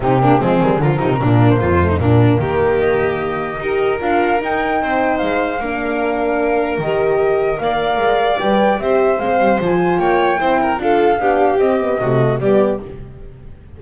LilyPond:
<<
  \new Staff \with { instrumentName = "flute" } { \time 4/4 \tempo 4 = 150 g'4 gis'4 ais'4.~ ais'16 c''16~ | c''4 ais'2 dis''4~ | dis''2 f''4 g''4~ | g''4 f''2.~ |
f''4 dis''2 f''4~ | f''4 g''4 e''4 f''4 | gis''4 g''2 f''4~ | f''4 dis''2 d''4 | }
  \new Staff \with { instrumentName = "violin" } { \time 4/4 dis'8 d'8 c'4 f'8 dis'8 d'4 | f'8. dis'16 d'4 g'2~ | g'4 ais'2. | c''2 ais'2~ |
ais'2. d''4~ | d''2 c''2~ | c''4 cis''4 c''8 ais'8 a'4 | g'2 fis'4 g'4 | }
  \new Staff \with { instrumentName = "horn" } { \time 4/4 c'8 ais8 gis8 g8 f4 ais4~ | ais8 a8 ais2.~ | ais4 g'4 f'4 dis'4~ | dis'2 d'2~ |
d'4 g'2 ais'4~ | ais'4 b'4 g'4 c'4 | f'2 e'4 f'4 | d'4 c'8 b8 a4 b4 | }
  \new Staff \with { instrumentName = "double bass" } { \time 4/4 c4 f8 dis8 d8 c8 ais,4 | f,4 ais,4 dis2~ | dis4 dis'4 d'4 dis'4 | c'4 gis4 ais2~ |
ais4 dis2 ais4 | gis4 g4 c'4 gis8 g8 | f4 ais4 c'4 d'4 | b4 c'4 c4 g4 | }
>>